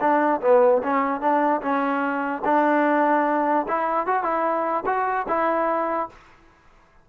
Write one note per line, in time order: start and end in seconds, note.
0.00 0.41 D4
0.41 0.81 B3
0.82 1.20 C#4
1.20 1.61 D4
1.61 2.42 C#4
2.44 3.66 D4
3.68 4.06 E4
4.06 4.23 F#4
4.23 4.84 E4
4.86 5.26 F#4
5.28 6.09 E4